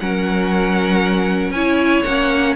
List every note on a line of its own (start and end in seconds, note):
0.00 1.51 F#3
0.00 1.54 C#4
0.00 1.54 A#4
0.00 1.52 F#5
1.51 2.02 C#4
1.51 2.06 E4
1.51 2.56 C#5
1.51 2.03 G#5
2.03 2.56 A#3
2.03 2.56 C#4
2.03 2.54 F#5